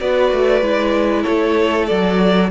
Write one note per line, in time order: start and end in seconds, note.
0.00 0.32 B3
0.00 0.63 F#4
0.00 1.23 B4
0.00 1.23 D5
0.32 0.62 A3
0.62 1.25 G#3
0.62 1.89 E4
1.23 1.91 A3
1.23 2.49 A4
1.23 1.87 C#5
1.87 2.51 F#3
1.87 2.51 F#4
1.87 2.50 D5